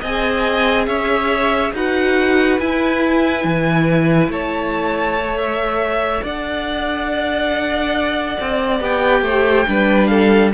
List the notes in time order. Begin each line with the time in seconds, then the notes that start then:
0.00 C4 G#4 D#5 G#5
0.86 C#4 C#5 E5
1.73 D#4 F#4 B4 F#5
2.59 E4 G#5
3.44 E3
4.29 A3 C#5 A5
5.17 A4
5.37 E5
6.23 D4 D5 F#5
8.40 C4
8.81 B3 G4 G5
9.22 A3 C5
9.67 G3 D4 B4
10.06 A4 F5